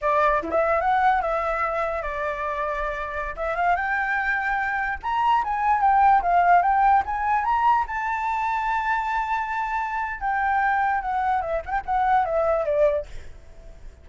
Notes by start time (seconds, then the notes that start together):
0.01 D5
0.42 E4
0.50 E5
0.80 F#5
1.21 E5
2.02 D5
3.36 E5
3.56 F5
3.76 G5
5.02 A#5
5.44 G#5
5.80 G5
6.22 F5
6.62 G5
7.05 G#5
7.44 A#5
7.87 A5
10.20 G5
11.01 F#5
11.41 E5
11.65 F#5 G5
11.85 F#5
12.25 E5
12.65 D5